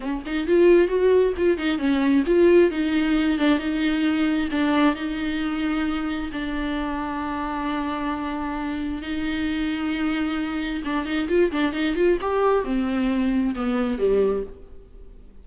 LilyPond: \new Staff \with { instrumentName = "viola" } { \time 4/4 \tempo 4 = 133 cis'8 dis'8 f'4 fis'4 f'8 dis'8 | cis'4 f'4 dis'4. d'8 | dis'2 d'4 dis'4~ | dis'2 d'2~ |
d'1 | dis'1 | d'8 dis'8 f'8 d'8 dis'8 f'8 g'4 | c'2 b4 g4 | }